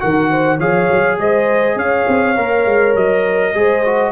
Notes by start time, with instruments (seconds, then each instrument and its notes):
0.00 tuba D#3, trombone F#4, horn A#4, trumpet F#5
0.30 horn C5
0.58 tuba F3, trombone G#4, horn C#5, trumpet F5
0.90 tuba F#3
1.18 tuba G#3, horn C5, trumpet D#5
1.76 tuba C#4, horn C#5, trumpet F5
2.08 tuba C4
2.36 tuba A#3, trombone A#4
2.66 tuba G#3
2.95 tuba F#3, trumpet D#5
3.54 tuba G#3, trombone G#4, horn C5
3.85 trombone F#4